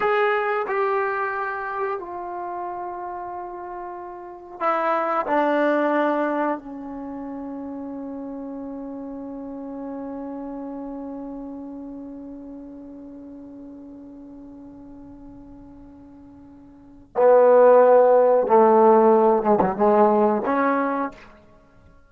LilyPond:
\new Staff \with { instrumentName = "trombone" } { \time 4/4 \tempo 4 = 91 gis'4 g'2 f'4~ | f'2. e'4 | d'2 cis'2~ | cis'1~ |
cis'1~ | cis'1~ | cis'2 b2 | a4. gis16 fis16 gis4 cis'4 | }